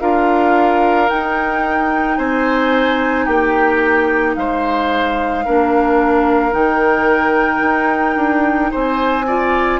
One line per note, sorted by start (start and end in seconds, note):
0.00 1.10 D4
0.00 1.08 F4
0.00 2.17 A#4
0.00 1.09 F5
1.08 5.44 D#4
1.08 2.18 D#4
1.08 2.18 G5
2.17 3.27 C4
2.17 3.25 C5
2.17 3.25 G#5
3.25 4.36 A#3
3.25 4.35 G4
3.25 4.35 G5
4.35 5.46 G#3
4.35 5.45 C5
4.35 6.53 F5
5.45 6.53 A#3
5.45 6.51 D4
5.45 8.71 A#4
6.51 7.61 D#3
6.51 9.24 D#4
6.51 8.71 G5
7.61 8.16 D#4
8.16 8.71 D4
8.71 9.80 C4
8.71 9.25 C5
8.71 9.80 G#5
9.27 9.80 F4
9.27 9.80 D5